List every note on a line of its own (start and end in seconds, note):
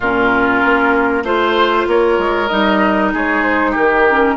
0.00 0.63 A#2
0.00 1.24 C#4
0.00 1.23 F4
0.00 1.24 A#4
0.64 1.23 A#3
1.23 1.86 A3
1.23 2.49 F4
1.23 1.87 C5
1.87 2.18 A#3
1.87 3.13 A#4
1.87 2.48 C#5
2.18 2.49 G#3
2.48 3.13 G3
2.48 4.05 D#4
2.48 3.10 D#5
3.13 3.76 G#3
3.13 3.71 G#4
3.13 3.42 C#5
3.42 3.73 C5
3.71 4.36 D#3
3.71 4.33 G4
3.71 4.36 A#4
4.09 4.36 C#4